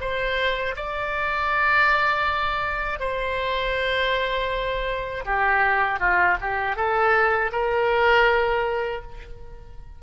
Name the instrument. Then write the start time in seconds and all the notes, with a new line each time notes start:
oboe
0.00 C5
0.76 D5
2.99 C5
5.25 G4
5.99 F4
6.41 G4
6.76 A4
7.51 A#4